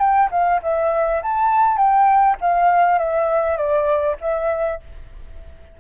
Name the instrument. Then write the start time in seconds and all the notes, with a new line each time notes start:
flute
0.00 G5
0.31 F5
0.63 E5
1.23 A5
1.77 G5
2.41 F5
2.99 E5
3.57 D5
4.21 E5